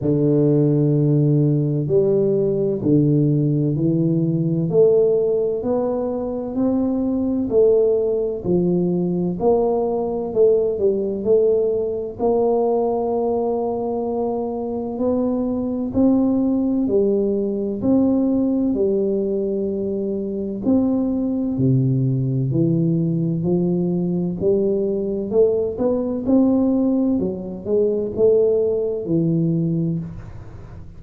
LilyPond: \new Staff \with { instrumentName = "tuba" } { \time 4/4 \tempo 4 = 64 d2 g4 d4 | e4 a4 b4 c'4 | a4 f4 ais4 a8 g8 | a4 ais2. |
b4 c'4 g4 c'4 | g2 c'4 c4 | e4 f4 g4 a8 b8 | c'4 fis8 gis8 a4 e4 | }